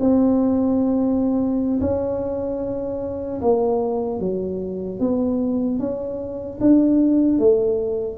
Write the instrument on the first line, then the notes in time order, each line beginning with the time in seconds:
tuba
0.00 C4
1.81 C#4
3.41 A#3
4.20 F#3
4.99 B3
5.79 C#4
6.60 D4
7.39 A3